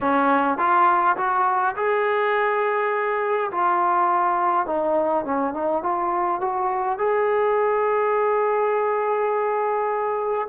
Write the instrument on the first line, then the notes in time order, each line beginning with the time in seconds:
trombone
0.00 C#4
0.58 F4
1.17 F#4
1.76 G#4
3.51 F4
4.66 D#4
5.25 C#4
5.53 D#4
5.82 F4
6.41 F#4
6.98 G#4